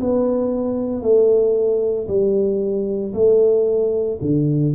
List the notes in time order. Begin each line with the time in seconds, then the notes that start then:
0.00 B3
1.02 A3
2.08 G3
3.14 A3
4.22 D3